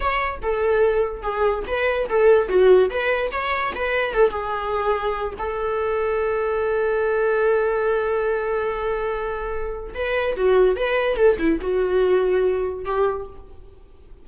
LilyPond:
\new Staff \with { instrumentName = "viola" } { \time 4/4 \tempo 4 = 145 cis''4 a'2 gis'4 | b'4 a'4 fis'4 b'4 | cis''4 b'4 a'8 gis'4.~ | gis'4 a'2.~ |
a'1~ | a'1 | b'4 fis'4 b'4 a'8 e'8 | fis'2. g'4 | }